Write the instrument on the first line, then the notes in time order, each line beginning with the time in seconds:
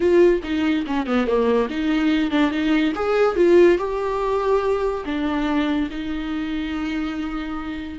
viola
0.00 F4
0.43 D#4
0.86 C#4
1.06 B3
1.26 A#3
1.70 D#4
2.30 D4
2.50 D#4
2.95 G#4
3.36 F4
3.78 G4
5.05 D4
5.90 D#4